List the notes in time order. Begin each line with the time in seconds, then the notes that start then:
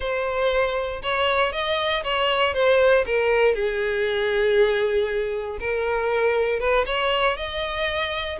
0.00 C5
1.02 C#5
1.52 D#5
2.03 C#5
2.54 C5
3.06 A#4
3.55 G#4
5.60 A#4
6.59 B4
6.86 C#5
7.37 D#5